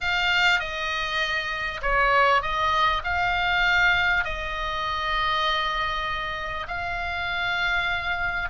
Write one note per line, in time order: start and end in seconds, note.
0.00 0.59 F5
0.59 1.80 D#5
1.82 2.42 C#5
2.42 3.02 D#5
3.03 4.24 F5
4.24 6.66 D#5
6.67 8.49 F5